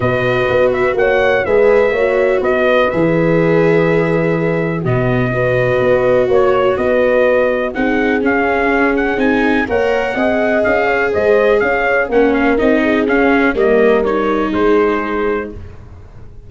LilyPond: <<
  \new Staff \with { instrumentName = "trumpet" } { \time 4/4 \tempo 4 = 124 dis''4. e''8 fis''4 e''4~ | e''4 dis''4 e''2~ | e''2 dis''2~ | dis''4 cis''4 dis''2 |
fis''4 f''4. fis''8 gis''4 | fis''2 f''4 dis''4 | f''4 fis''8 f''8 dis''4 f''4 | dis''4 cis''4 c''2 | }
  \new Staff \with { instrumentName = "horn" } { \time 4/4 b'2 cis''4 b'4 | cis''4 b'2.~ | b'2 fis'4 b'4~ | b'4 cis''4 b'2 |
gis'1 | cis''4 dis''4. cis''8 c''4 | cis''4 ais'4. gis'4. | ais'2 gis'2 | }
  \new Staff \with { instrumentName = "viola" } { \time 4/4 fis'2. gis'4 | fis'2 gis'2~ | gis'2 b4 fis'4~ | fis'1 |
dis'4 cis'2 dis'4 | ais'4 gis'2.~ | gis'4 cis'4 dis'4 cis'4 | ais4 dis'2. | }
  \new Staff \with { instrumentName = "tuba" } { \time 4/4 b,4 b4 ais4 gis4 | ais4 b4 e2~ | e2 b,2 | b4 ais4 b2 |
c'4 cis'2 c'4 | ais4 c'4 cis'4 gis4 | cis'4 ais4 c'4 cis'4 | g2 gis2 | }
>>